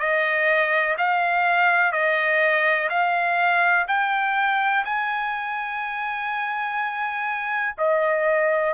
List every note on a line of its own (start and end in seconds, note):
0.00 0.97 D#5
0.98 1.93 F5
1.93 2.89 D#5
2.90 3.87 F5
3.88 4.85 G5
4.86 7.76 G#5
7.78 8.74 D#5